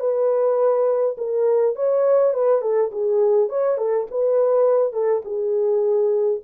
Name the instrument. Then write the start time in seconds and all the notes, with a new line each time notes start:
horn
0.00 B4
1.18 A#4
1.76 C#5
2.34 B4
2.62 A4
2.92 G#4
3.49 C#5
3.78 A4
4.11 B4
4.93 A4
5.25 G#4